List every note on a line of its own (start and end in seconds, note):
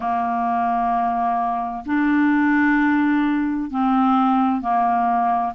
0.00 1.84 A#3
1.85 3.70 D4
3.70 4.61 C4
4.61 5.53 A#3